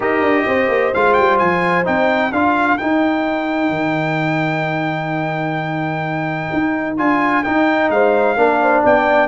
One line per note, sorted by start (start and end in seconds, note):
0.00 0.21 D#4
0.00 0.93 G4
0.00 0.45 A#4
0.00 0.94 D#5
0.21 0.44 D4
0.46 0.68 C4
0.46 2.32 C5
0.68 0.91 A#3
0.94 1.18 G#3
0.94 1.84 F4
0.94 1.13 F5
1.13 1.41 G3
1.13 1.37 G5
1.38 1.87 F3
1.38 1.84 G#5
1.84 2.32 C4
1.84 2.30 D#4
1.84 2.32 G5
2.32 2.78 D4
2.32 2.78 F4
2.32 7.90 A#4
2.32 2.77 F5
2.77 6.97 D#4
2.77 3.69 D#4
2.77 6.96 G5
3.69 6.48 D#3
6.52 6.99 D#4
6.97 7.45 D4
6.97 7.44 F4
6.97 7.43 G#5
7.43 8.36 D#4
7.43 7.90 D#4
7.43 7.90 G5
7.90 8.36 G#3
7.90 8.37 C5
7.90 8.83 F5
8.36 8.83 A#3
8.36 9.28 D4
8.36 8.60 A#4
8.61 8.83 C5
8.83 9.28 B3
8.83 9.28 D5
8.83 9.28 G5